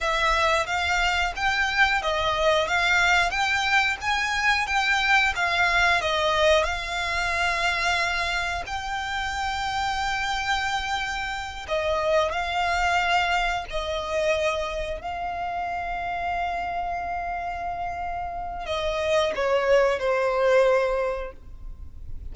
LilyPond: \new Staff \with { instrumentName = "violin" } { \time 4/4 \tempo 4 = 90 e''4 f''4 g''4 dis''4 | f''4 g''4 gis''4 g''4 | f''4 dis''4 f''2~ | f''4 g''2.~ |
g''4. dis''4 f''4.~ | f''8 dis''2 f''4.~ | f''1 | dis''4 cis''4 c''2 | }